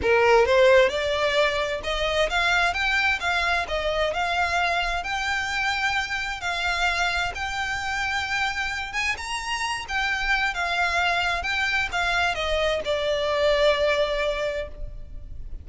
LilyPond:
\new Staff \with { instrumentName = "violin" } { \time 4/4 \tempo 4 = 131 ais'4 c''4 d''2 | dis''4 f''4 g''4 f''4 | dis''4 f''2 g''4~ | g''2 f''2 |
g''2.~ g''8 gis''8 | ais''4. g''4. f''4~ | f''4 g''4 f''4 dis''4 | d''1 | }